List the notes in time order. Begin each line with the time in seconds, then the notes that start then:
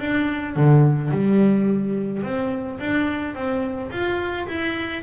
0.00 D4
0.56 D3
1.11 G3
2.23 C4
2.80 D4
3.35 C4
3.92 F4
4.48 E4